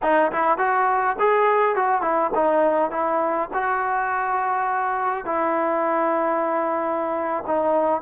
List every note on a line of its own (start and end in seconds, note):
0.02 0.31 D#4
0.32 0.58 E4
0.58 1.16 F#4
1.19 1.75 G#4
1.75 2.01 F#4
2.01 2.30 E4
2.35 2.90 D#4
2.90 3.49 E4
3.53 5.25 F#4
5.25 7.44 E4
7.46 8.01 D#4